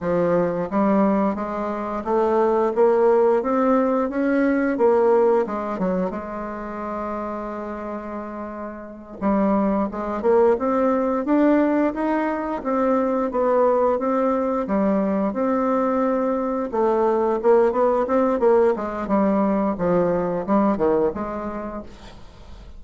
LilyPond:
\new Staff \with { instrumentName = "bassoon" } { \time 4/4 \tempo 4 = 88 f4 g4 gis4 a4 | ais4 c'4 cis'4 ais4 | gis8 fis8 gis2.~ | gis4. g4 gis8 ais8 c'8~ |
c'8 d'4 dis'4 c'4 b8~ | b8 c'4 g4 c'4.~ | c'8 a4 ais8 b8 c'8 ais8 gis8 | g4 f4 g8 dis8 gis4 | }